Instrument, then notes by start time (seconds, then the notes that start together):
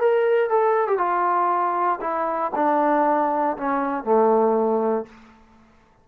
trombone
0.00 A#4
0.50 A4
0.88 G4
0.98 F4
2.01 E4
2.55 D4
3.57 C#4
4.04 A3